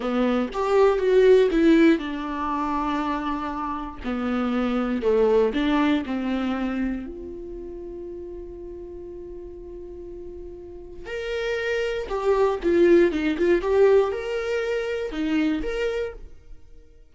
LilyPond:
\new Staff \with { instrumentName = "viola" } { \time 4/4 \tempo 4 = 119 b4 g'4 fis'4 e'4 | d'1 | b2 a4 d'4 | c'2 f'2~ |
f'1~ | f'2 ais'2 | g'4 f'4 dis'8 f'8 g'4 | ais'2 dis'4 ais'4 | }